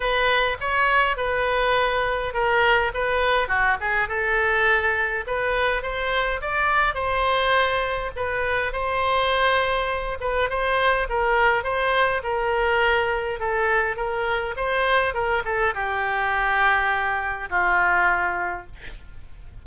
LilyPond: \new Staff \with { instrumentName = "oboe" } { \time 4/4 \tempo 4 = 103 b'4 cis''4 b'2 | ais'4 b'4 fis'8 gis'8 a'4~ | a'4 b'4 c''4 d''4 | c''2 b'4 c''4~ |
c''4. b'8 c''4 ais'4 | c''4 ais'2 a'4 | ais'4 c''4 ais'8 a'8 g'4~ | g'2 f'2 | }